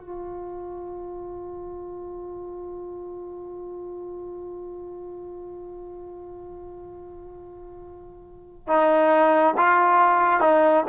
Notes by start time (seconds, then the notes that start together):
0.00 F4
8.67 D#4
9.57 F4
10.40 D#4